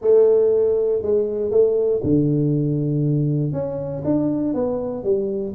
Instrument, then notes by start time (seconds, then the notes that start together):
tuba
0.01 A3
1.02 G#3
1.50 A3
2.03 D3
3.52 C#4
4.04 D4
4.54 B3
5.03 G3